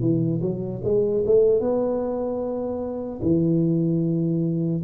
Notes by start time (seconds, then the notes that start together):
0.00 E3
0.41 F#3
0.84 G#3
1.26 A3
1.60 B3
3.22 E3